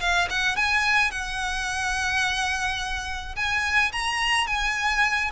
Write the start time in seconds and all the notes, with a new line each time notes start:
0.00 F5
0.30 F#5
0.56 G#5
1.11 F#5
3.36 G#5
3.92 A#5
4.47 G#5